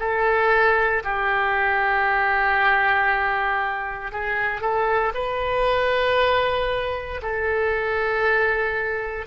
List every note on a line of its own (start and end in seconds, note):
0.00 1.03 A4
1.04 4.12 G4
4.12 4.61 G#4
4.61 5.13 A4
5.15 7.22 B4
7.22 9.27 A4